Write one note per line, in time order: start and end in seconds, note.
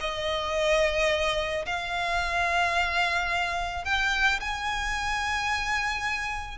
0.00 1.65 D#5
1.65 3.84 F5
3.84 4.39 G5
4.40 6.58 G#5